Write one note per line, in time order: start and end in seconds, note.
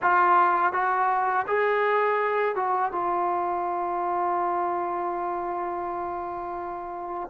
0.02 0.72 F4
0.72 1.45 F#4
1.47 2.55 G#4
2.55 2.92 F#4
2.92 7.30 F4